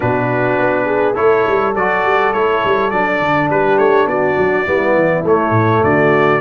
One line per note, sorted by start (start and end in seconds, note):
0.00 0.58 B2
0.00 1.15 D4
0.00 0.85 F#4
0.00 1.15 B4
0.58 1.17 B3
0.85 1.14 G#4
1.14 1.46 A3
1.14 1.73 E4
1.14 3.47 A4
1.14 1.74 C#5
1.46 1.75 G3
1.75 2.04 F#3
1.75 2.34 F#4
1.75 2.33 D5
2.04 2.33 G3
2.33 2.62 A3
2.33 2.92 E4
2.33 2.90 C#5
2.64 2.92 G3
2.90 3.20 F#3
2.90 4.66 D4
2.90 3.48 D5
3.20 3.49 D3
3.49 3.77 G3
3.49 4.07 G4
3.49 3.78 B4
3.77 4.05 A3
3.77 4.07 C#5
4.05 4.35 B3
4.05 4.66 F#4
4.05 5.24 D5
4.37 4.66 F#3
4.66 4.94 G3
4.66 5.24 B3
4.66 5.82 E4
4.94 5.23 E3
5.23 5.50 A3
5.23 6.40 A3
5.23 5.83 C#5
5.50 5.79 A2
5.83 6.40 D3
5.83 6.40 F#4
5.83 6.40 D5